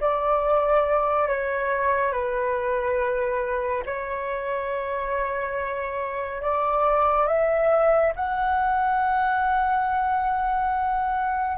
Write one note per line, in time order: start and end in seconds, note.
0.00 1.28 D5
1.28 2.12 C#5
2.12 3.83 B4
3.86 6.42 C#5
6.42 7.27 D5
7.27 8.13 E5
8.16 11.58 F#5